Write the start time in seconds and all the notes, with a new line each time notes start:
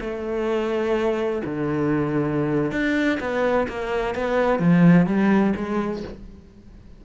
0.00 A3
1.45 D3
2.71 D4
3.20 B3
3.68 A#3
4.14 B3
4.59 F3
5.06 G3
5.56 G#3